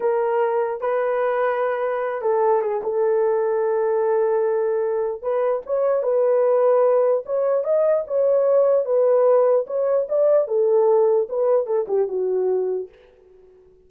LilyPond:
\new Staff \with { instrumentName = "horn" } { \time 4/4 \tempo 4 = 149 ais'2 b'2~ | b'4. a'4 gis'8 a'4~ | a'1~ | a'4 b'4 cis''4 b'4~ |
b'2 cis''4 dis''4 | cis''2 b'2 | cis''4 d''4 a'2 | b'4 a'8 g'8 fis'2 | }